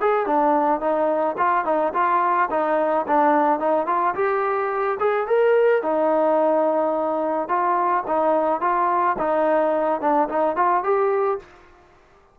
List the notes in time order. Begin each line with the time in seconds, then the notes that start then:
0.00 G#4
0.26 D4
0.80 D#4
1.37 F4
1.65 D#4
1.93 F4
2.50 D#4
3.07 D4
3.59 D#4
3.86 F4
4.14 G4
4.99 G#4
5.27 A#4
5.82 D#4
7.48 F4
8.07 D#4
8.61 F4
9.18 D#4
10.01 D4
10.28 D#4
10.56 F4
10.83 G4